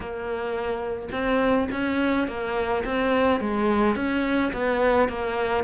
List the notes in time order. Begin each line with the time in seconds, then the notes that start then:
0.00 A#3
1.11 C4
1.71 C#4
2.27 A#3
2.85 C4
3.40 G#3
3.95 C#4
4.53 B3
5.08 A#3